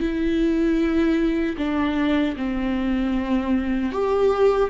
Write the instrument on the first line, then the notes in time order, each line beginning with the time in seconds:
viola
0.00 E4
1.57 D4
2.36 C4
3.92 G4